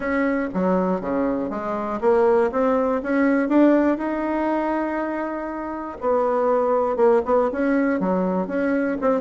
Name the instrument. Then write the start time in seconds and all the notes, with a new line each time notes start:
bassoon
0.00 C#4
0.53 F#3
1.00 C#3
1.50 G#3
2.00 A#3
2.51 C4
3.02 C#4
3.49 D4
3.97 D#4
6.00 B3
6.96 A#3
7.25 B3
7.52 C#4
8.00 F#3
8.47 C#4
9.01 C4